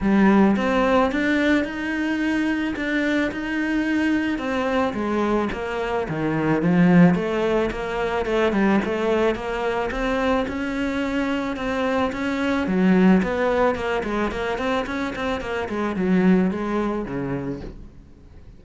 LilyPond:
\new Staff \with { instrumentName = "cello" } { \time 4/4 \tempo 4 = 109 g4 c'4 d'4 dis'4~ | dis'4 d'4 dis'2 | c'4 gis4 ais4 dis4 | f4 a4 ais4 a8 g8 |
a4 ais4 c'4 cis'4~ | cis'4 c'4 cis'4 fis4 | b4 ais8 gis8 ais8 c'8 cis'8 c'8 | ais8 gis8 fis4 gis4 cis4 | }